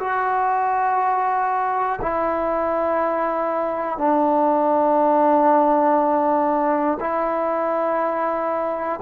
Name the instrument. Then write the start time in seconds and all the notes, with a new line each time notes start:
trombone
0.00 F#4
2.02 E4
3.99 D4
7.00 E4